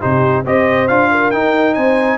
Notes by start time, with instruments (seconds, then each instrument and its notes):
0.00 tuba C3, trombone D#4, horn G4, trumpet C5
0.44 tuba C4, trombone G4, horn C5, trumpet D#5
0.87 tuba D4, trombone F4, trumpet F5
1.11 horn A#4
1.30 trombone D#4, tuba D#4, trumpet G5
1.74 tuba C4, horn C5, trumpet G#5